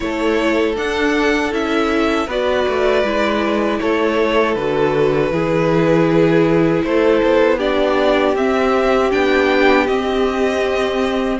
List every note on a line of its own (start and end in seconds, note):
0.00 0.77 A3
0.00 0.75 E4
0.00 2.26 A4
0.00 0.76 C#5
0.76 1.51 D4
0.76 1.52 D4
0.76 1.53 F#5
1.51 2.27 C#4
1.51 2.27 E4
1.51 2.29 E5
2.26 2.65 B3
2.26 3.04 F#4
2.26 3.78 B4
2.26 3.80 D5
2.67 3.03 A3
3.03 3.79 G#3
3.03 4.56 E4
3.80 4.55 A3
3.80 5.33 A4
3.80 4.54 C#5
4.54 5.30 D3
4.54 5.33 F#4
4.54 6.82 B4
5.30 6.82 E3
5.30 7.58 E4
5.30 6.85 G#4
6.83 7.21 A3
6.83 7.58 A4
6.83 7.59 C5
7.22 8.34 B3
7.58 8.34 D4
7.58 11.37 G4
7.58 8.35 D5
8.34 9.10 C4
8.34 9.11 C4
8.34 9.11 E5
9.11 9.88 B3
9.11 9.87 D4
9.11 9.86 G5
9.86 11.39 C4
9.86 11.40 C4
9.86 11.38 D#5